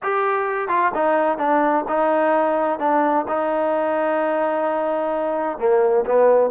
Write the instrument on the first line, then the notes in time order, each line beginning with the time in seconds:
trombone
0.02 G4
0.68 F4
0.94 D#4
1.38 D4
1.88 D#4
2.79 D4
3.27 D#4
5.58 A#3
6.05 B3